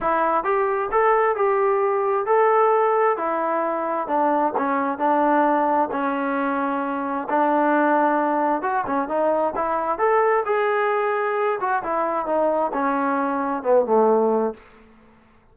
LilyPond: \new Staff \with { instrumentName = "trombone" } { \time 4/4 \tempo 4 = 132 e'4 g'4 a'4 g'4~ | g'4 a'2 e'4~ | e'4 d'4 cis'4 d'4~ | d'4 cis'2. |
d'2. fis'8 cis'8 | dis'4 e'4 a'4 gis'4~ | gis'4. fis'8 e'4 dis'4 | cis'2 b8 a4. | }